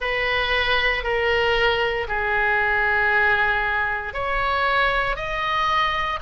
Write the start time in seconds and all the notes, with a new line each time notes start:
0.00 B4
1.03 A#4
2.07 G#4
4.13 C#5
5.15 D#5